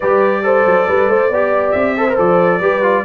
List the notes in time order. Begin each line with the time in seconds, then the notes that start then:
0.00 G3 G4 B4 D5
0.43 A4 C5
0.65 F#3
0.87 G3 B4
1.09 A3 C5
1.30 B3 G4 D5
1.71 C4 E5
1.96 A4 C5
2.09 A#4
2.16 F3 A4 D5
2.60 G3 G4 B4
2.82 F4